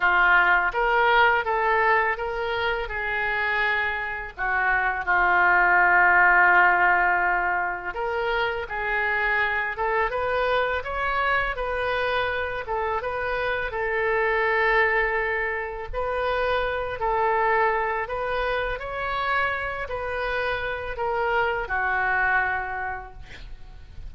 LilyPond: \new Staff \with { instrumentName = "oboe" } { \time 4/4 \tempo 4 = 83 f'4 ais'4 a'4 ais'4 | gis'2 fis'4 f'4~ | f'2. ais'4 | gis'4. a'8 b'4 cis''4 |
b'4. a'8 b'4 a'4~ | a'2 b'4. a'8~ | a'4 b'4 cis''4. b'8~ | b'4 ais'4 fis'2 | }